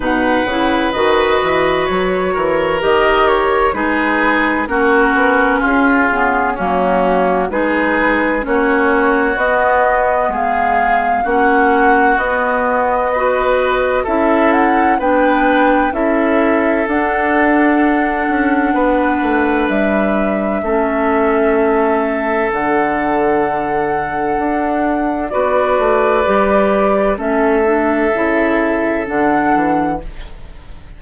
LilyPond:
<<
  \new Staff \with { instrumentName = "flute" } { \time 4/4 \tempo 4 = 64 fis''4 dis''4 cis''4 dis''8 cis''8 | b'4 ais'4 gis'4 fis'4 | b'4 cis''4 dis''4 f''4 | fis''4 dis''2 e''8 fis''8 |
g''4 e''4 fis''2~ | fis''4 e''2. | fis''2. d''4~ | d''4 e''2 fis''4 | }
  \new Staff \with { instrumentName = "oboe" } { \time 4/4 b'2~ b'8 ais'4. | gis'4 fis'4 f'4 cis'4 | gis'4 fis'2 gis'4 | fis'2 b'4 a'4 |
b'4 a'2. | b'2 a'2~ | a'2. b'4~ | b'4 a'2. | }
  \new Staff \with { instrumentName = "clarinet" } { \time 4/4 dis'8 e'8 fis'2 g'4 | dis'4 cis'4. b8 ais4 | dis'4 cis'4 b2 | cis'4 b4 fis'4 e'4 |
d'4 e'4 d'2~ | d'2 cis'2 | d'2. fis'4 | g'4 cis'8 d'8 e'4 d'4 | }
  \new Staff \with { instrumentName = "bassoon" } { \time 4/4 b,8 cis8 dis8 e8 fis8 e8 dis4 | gis4 ais8 b8 cis'8 cis8 fis4 | gis4 ais4 b4 gis4 | ais4 b2 cis'4 |
b4 cis'4 d'4. cis'8 | b8 a8 g4 a2 | d2 d'4 b8 a8 | g4 a4 cis4 d8 e8 | }
>>